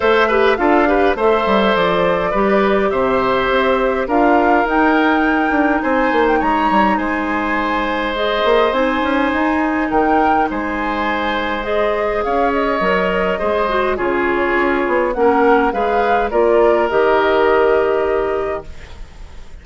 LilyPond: <<
  \new Staff \with { instrumentName = "flute" } { \time 4/4 \tempo 4 = 103 e''4 f''4 e''4 d''4~ | d''4 e''2 f''4 | g''2 gis''8. g''16 ais''4 | gis''2 dis''4 gis''4~ |
gis''4 g''4 gis''2 | dis''4 f''8 dis''2~ dis''8 | cis''2 fis''4 f''4 | d''4 dis''2. | }
  \new Staff \with { instrumentName = "oboe" } { \time 4/4 c''8 b'8 a'8 b'8 c''2 | b'4 c''2 ais'4~ | ais'2 c''4 cis''4 | c''1~ |
c''4 ais'4 c''2~ | c''4 cis''2 c''4 | gis'2 ais'4 b'4 | ais'1 | }
  \new Staff \with { instrumentName = "clarinet" } { \time 4/4 a'8 g'8 f'8 g'8 a'2 | g'2. f'4 | dis'1~ | dis'2 gis'4 dis'4~ |
dis'1 | gis'2 ais'4 gis'8 fis'8 | f'2 cis'4 gis'4 | f'4 g'2. | }
  \new Staff \with { instrumentName = "bassoon" } { \time 4/4 a4 d'4 a8 g8 f4 | g4 c4 c'4 d'4 | dis'4. d'8 c'8 ais8 gis8 g8 | gis2~ gis8 ais8 c'8 cis'8 |
dis'4 dis4 gis2~ | gis4 cis'4 fis4 gis4 | cis4 cis'8 b8 ais4 gis4 | ais4 dis2. | }
>>